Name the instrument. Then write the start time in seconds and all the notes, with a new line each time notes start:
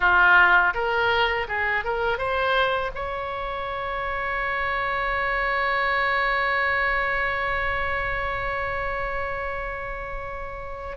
oboe
0.00 F4
0.74 A#4
1.48 G#4
1.84 A#4
2.18 C5
2.94 C#5